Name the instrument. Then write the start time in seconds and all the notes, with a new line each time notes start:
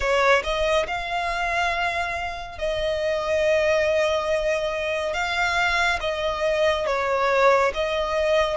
violin
0.00 C#5
0.43 D#5
0.87 F5
2.58 D#5
5.13 F5
6.00 D#5
6.86 C#5
7.74 D#5